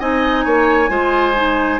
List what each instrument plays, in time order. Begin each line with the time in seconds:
0.00 bassoon C4, clarinet D#4, oboe D#5, flute G#5
0.45 bassoon A#3, oboe C#5
0.89 bassoon G#3, clarinet F4, oboe C5
1.36 clarinet D#4